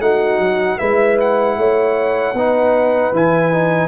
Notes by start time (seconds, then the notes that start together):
0.00 A3 D#4 F#4 F#5
0.39 F#3
0.78 G#3 E4 B4 E5
1.21 F#5
1.57 A3 C#5
2.34 B3 D#4 B4
3.13 E3 E4 G#5
3.53 D#4